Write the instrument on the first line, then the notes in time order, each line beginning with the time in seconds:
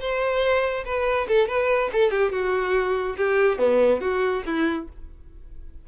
violin
0.00 C5
0.85 B4
1.28 A4
1.48 B4
1.93 A4
2.11 G4
2.32 F#4
3.17 G4
3.58 B3
4.01 F#4
4.46 E4